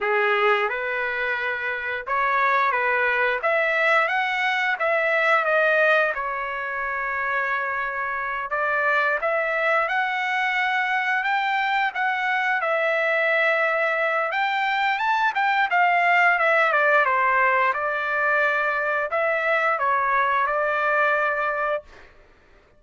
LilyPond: \new Staff \with { instrumentName = "trumpet" } { \time 4/4 \tempo 4 = 88 gis'4 b'2 cis''4 | b'4 e''4 fis''4 e''4 | dis''4 cis''2.~ | cis''8 d''4 e''4 fis''4.~ |
fis''8 g''4 fis''4 e''4.~ | e''4 g''4 a''8 g''8 f''4 | e''8 d''8 c''4 d''2 | e''4 cis''4 d''2 | }